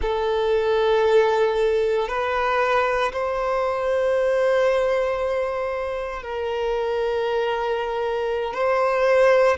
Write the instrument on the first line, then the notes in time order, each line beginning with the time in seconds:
violin
0.01 A4
2.08 B4
3.12 C5
6.23 A#4
8.53 C5